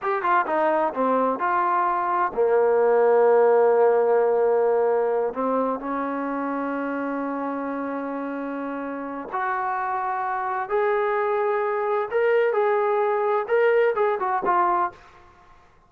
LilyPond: \new Staff \with { instrumentName = "trombone" } { \time 4/4 \tempo 4 = 129 g'8 f'8 dis'4 c'4 f'4~ | f'4 ais2.~ | ais2.~ ais8 c'8~ | c'8 cis'2.~ cis'8~ |
cis'1 | fis'2. gis'4~ | gis'2 ais'4 gis'4~ | gis'4 ais'4 gis'8 fis'8 f'4 | }